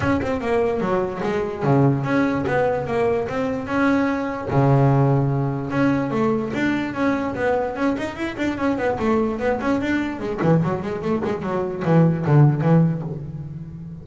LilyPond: \new Staff \with { instrumentName = "double bass" } { \time 4/4 \tempo 4 = 147 cis'8 c'8 ais4 fis4 gis4 | cis4 cis'4 b4 ais4 | c'4 cis'2 cis4~ | cis2 cis'4 a4 |
d'4 cis'4 b4 cis'8 dis'8 | e'8 d'8 cis'8 b8 a4 b8 cis'8 | d'4 gis8 e8 fis8 gis8 a8 gis8 | fis4 e4 d4 e4 | }